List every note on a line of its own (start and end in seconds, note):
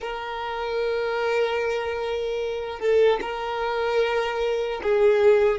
0.00 2.79 A#4
2.79 3.19 A4
3.21 4.81 A#4
4.82 5.58 G#4